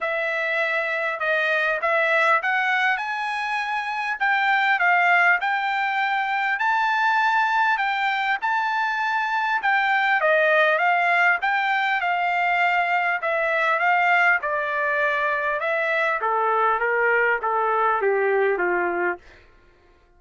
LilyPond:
\new Staff \with { instrumentName = "trumpet" } { \time 4/4 \tempo 4 = 100 e''2 dis''4 e''4 | fis''4 gis''2 g''4 | f''4 g''2 a''4~ | a''4 g''4 a''2 |
g''4 dis''4 f''4 g''4 | f''2 e''4 f''4 | d''2 e''4 a'4 | ais'4 a'4 g'4 f'4 | }